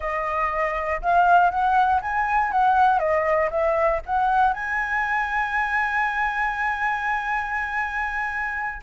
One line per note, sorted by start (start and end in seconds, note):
0.00 1.01 D#5
1.01 1.50 F5
1.50 2.00 F#5
2.01 2.51 G#5
2.51 2.99 F#5
2.99 3.49 D#5
3.50 4.00 E5
4.06 4.53 F#5
4.53 8.81 G#5